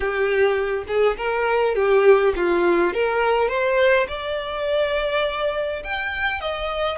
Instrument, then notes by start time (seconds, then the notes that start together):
violin
0.00 G4
0.87 G#4
1.17 A#4
1.75 G4
2.36 F4
2.93 A#4
3.48 C5
4.08 D5
5.84 G5
6.40 D#5